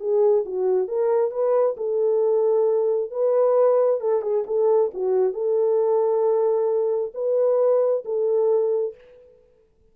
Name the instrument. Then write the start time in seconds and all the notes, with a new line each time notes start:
horn
0.00 G#4
0.46 F#4
0.88 A#4
1.31 B4
1.77 A4
3.11 B4
4.01 A4
4.22 G#4
4.47 A4
4.94 F#4
5.33 A4
7.14 B4
8.05 A4